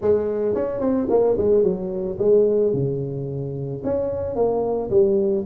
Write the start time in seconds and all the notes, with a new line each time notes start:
0.01 G#3
0.54 C#4
0.80 C4
1.09 A#3
1.37 G#3
1.63 F#3
2.18 G#3
2.73 C#3
3.83 C#4
4.35 A#3
4.90 G3